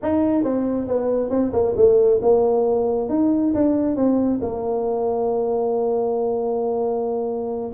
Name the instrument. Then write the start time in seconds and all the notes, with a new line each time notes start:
tuba
0.02 D#4
0.43 C4
0.87 B3
1.29 C4
1.52 A#3
1.76 A3
2.22 A#3
3.09 D#4
3.54 D4
3.95 C4
4.41 A#3